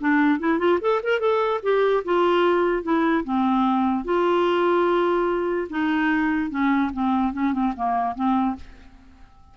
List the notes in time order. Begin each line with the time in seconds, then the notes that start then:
0.00 D4
0.39 E4
0.58 F4
0.81 A4
1.03 A#4
1.20 A4
1.62 G4
2.04 F4
2.83 E4
3.24 C4
4.04 F4
5.70 D#4
6.50 C#4
6.93 C4
7.33 C#4
7.53 C4
7.76 A#3
8.15 C4